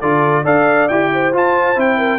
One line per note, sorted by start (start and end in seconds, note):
0.00 0.45 D3
0.00 0.45 F4
0.00 0.44 A4
0.00 0.45 D5
0.44 0.89 D4
0.44 0.89 A4
0.44 1.10 D5
0.44 0.89 F5
0.89 1.34 E4
0.89 1.33 G4
0.89 1.33 G5
1.13 1.98 C5
1.33 1.76 F4
1.33 1.77 F4
1.33 1.80 A5
1.76 2.20 C4
1.76 2.20 E4
1.76 2.20 G5
1.98 2.20 A#4